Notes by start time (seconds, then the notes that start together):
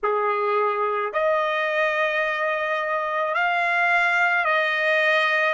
0.03 G#4
1.12 D#5
3.34 F5
4.44 D#5